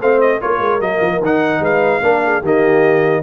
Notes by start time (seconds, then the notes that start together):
0.00 A3 C4 C5 F5
0.21 D#5
0.41 A#3 F4 A#4 C#5
0.60 G#3
0.80 F#3 A#3 D#5
1.01 F3
1.21 D#3 D#4 F#5
1.60 G#3 B4 F5
2.02 A#3 D4 A#4
2.24 G#4
2.41 D#3 A#3 G4 D#5